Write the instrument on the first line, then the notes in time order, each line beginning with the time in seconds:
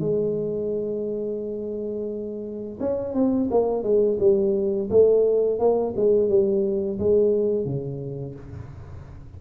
tuba
0.00 G#3
2.80 C#4
3.14 C4
3.51 A#3
3.83 G#3
4.20 G3
4.90 A3
5.59 A#3
5.97 G#3
6.29 G3
6.99 G#3
7.65 C#3